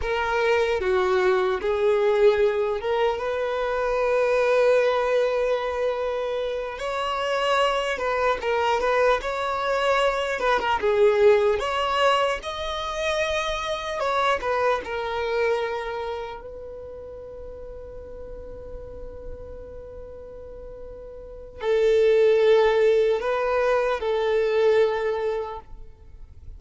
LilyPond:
\new Staff \with { instrumentName = "violin" } { \time 4/4 \tempo 4 = 75 ais'4 fis'4 gis'4. ais'8 | b'1~ | b'8 cis''4. b'8 ais'8 b'8 cis''8~ | cis''4 b'16 ais'16 gis'4 cis''4 dis''8~ |
dis''4. cis''8 b'8 ais'4.~ | ais'8 b'2.~ b'8~ | b'2. a'4~ | a'4 b'4 a'2 | }